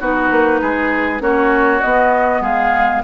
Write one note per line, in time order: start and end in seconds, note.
0.00 0.30 B3
0.00 1.20 D#4
0.00 0.61 F#4
0.00 1.22 B4
0.31 0.61 A#3
0.62 1.20 G#3
0.62 1.22 G#4
1.20 1.81 A#3
1.20 1.80 C#4
1.20 2.42 F#4
1.20 1.81 C#5
1.81 3.04 B3
1.81 2.41 B3
1.81 2.42 D#5
2.41 3.01 G#3
2.41 3.03 G#4
2.41 3.04 F5